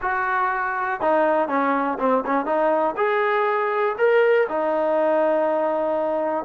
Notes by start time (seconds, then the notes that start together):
0.01 F#4
1.01 D#4
1.48 C#4
1.99 C4
2.26 C#4
2.45 D#4
2.97 G#4
3.98 A#4
4.49 D#4